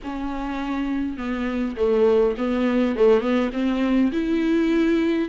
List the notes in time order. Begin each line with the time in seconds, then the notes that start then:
0.03 C#4
1.17 B3
1.76 A3
2.37 B3
2.96 A3
3.20 B3
3.52 C4
4.12 E4